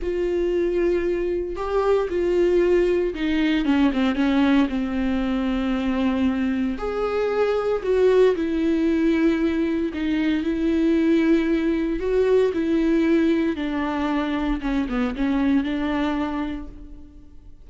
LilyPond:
\new Staff \with { instrumentName = "viola" } { \time 4/4 \tempo 4 = 115 f'2. g'4 | f'2 dis'4 cis'8 c'8 | cis'4 c'2.~ | c'4 gis'2 fis'4 |
e'2. dis'4 | e'2. fis'4 | e'2 d'2 | cis'8 b8 cis'4 d'2 | }